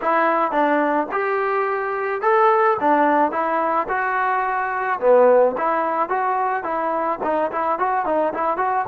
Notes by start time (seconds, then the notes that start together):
0.01 E4
0.51 D4
1.11 G4
2.21 A4
2.80 D4
3.31 E4
3.88 F#4
5.00 B3
5.57 E4
6.09 F#4
6.63 E4
7.23 D#4
7.51 E4
7.78 F#4
8.05 D#4
8.33 E4
8.57 F#4